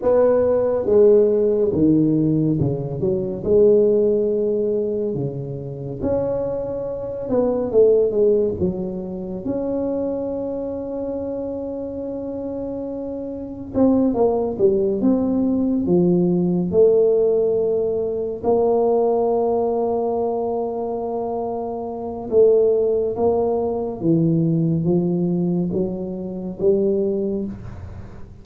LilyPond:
\new Staff \with { instrumentName = "tuba" } { \time 4/4 \tempo 4 = 70 b4 gis4 dis4 cis8 fis8 | gis2 cis4 cis'4~ | cis'8 b8 a8 gis8 fis4 cis'4~ | cis'1 |
c'8 ais8 g8 c'4 f4 a8~ | a4. ais2~ ais8~ | ais2 a4 ais4 | e4 f4 fis4 g4 | }